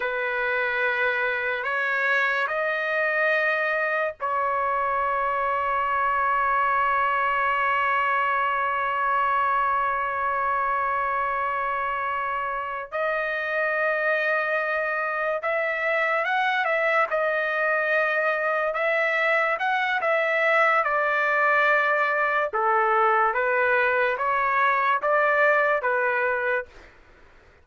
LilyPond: \new Staff \with { instrumentName = "trumpet" } { \time 4/4 \tempo 4 = 72 b'2 cis''4 dis''4~ | dis''4 cis''2.~ | cis''1~ | cis''2.~ cis''8 dis''8~ |
dis''2~ dis''8 e''4 fis''8 | e''8 dis''2 e''4 fis''8 | e''4 d''2 a'4 | b'4 cis''4 d''4 b'4 | }